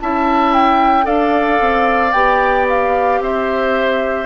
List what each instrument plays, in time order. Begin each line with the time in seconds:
0.00 bassoon C#4, clarinet E4, oboe E5, flute A5
0.53 flute G5
1.03 bassoon D4, clarinet A4, oboe D5, flute F5
1.60 bassoon C4
2.12 bassoon B3, clarinet G4, flute G5
2.69 flute F5
3.19 bassoon C4, oboe C5, flute E5